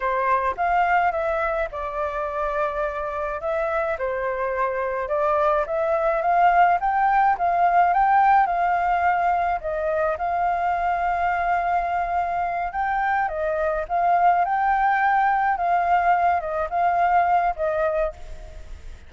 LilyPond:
\new Staff \with { instrumentName = "flute" } { \time 4/4 \tempo 4 = 106 c''4 f''4 e''4 d''4~ | d''2 e''4 c''4~ | c''4 d''4 e''4 f''4 | g''4 f''4 g''4 f''4~ |
f''4 dis''4 f''2~ | f''2~ f''8 g''4 dis''8~ | dis''8 f''4 g''2 f''8~ | f''4 dis''8 f''4. dis''4 | }